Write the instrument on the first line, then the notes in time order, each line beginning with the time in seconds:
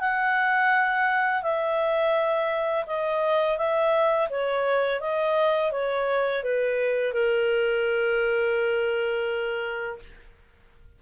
clarinet
0.00 F#5
1.43 E5
2.86 D#5
3.57 E5
4.29 C#5
5.00 D#5
5.71 C#5
6.43 B4
7.13 A#4